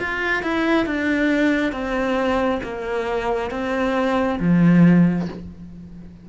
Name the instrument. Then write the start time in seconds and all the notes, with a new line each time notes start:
cello
0.00 F4
0.43 E4
0.86 D4
1.73 C4
2.64 A#3
3.51 C4
4.40 F3